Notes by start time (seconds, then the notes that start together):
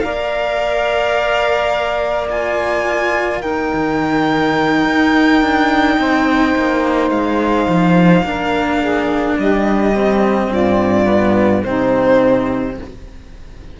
0.00 A#3 A#4 D5 F5
2.29 F4 G#5
3.42 D#4 A#4 G5
3.73 D#3
4.85 D#4
5.41 D4
5.98 C4 C5
6.55 A#3
7.10 G#3 F5
7.68 F3
8.23 A#3 D4 A#4
8.79 G#4
9.38 G3 G4 D#5
9.95 C4
10.49 G2 F4 D5
11.06 B3
11.63 C3 C4 D#4 C5